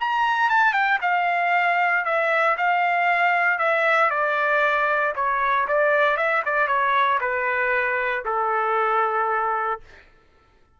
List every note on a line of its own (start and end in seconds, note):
0.00 0.49 A#5
0.49 0.72 A5
0.72 0.98 G5
1.01 2.04 F5
2.04 2.56 E5
2.57 3.58 F5
3.58 4.10 E5
4.10 5.13 D5
5.15 5.67 C#5
5.67 6.16 D5
6.16 6.42 E5
6.45 6.67 D5
6.67 7.18 C#5
7.20 8.24 B4
8.25 9.80 A4